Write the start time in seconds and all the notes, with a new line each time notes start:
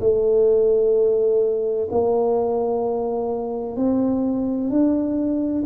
0.00 A3
1.90 A#3
3.76 C4
4.70 D4